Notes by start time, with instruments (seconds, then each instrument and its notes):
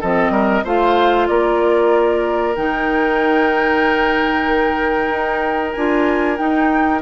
0.00 bassoon F3, clarinet C4, oboe A4, flute D#5
0.30 bassoon G3, oboe A#4
0.64 bassoon A3, clarinet F4, oboe C5, flute F5
1.27 bassoon A#3, oboe A#4, flute D5
2.55 bassoon D#3, clarinet D#4, flute G5
5.10 bassoon D#4
5.72 bassoon D4, clarinet F4, flute G#5
6.37 clarinet D#4, bassoon D#4, flute G5